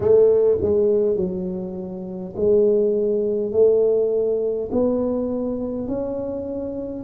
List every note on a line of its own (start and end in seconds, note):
0.00 0.58 A3
0.61 1.16 G#3
1.16 2.34 F#3
2.35 3.52 G#3
3.52 4.70 A3
4.71 5.87 B3
5.87 7.03 C#4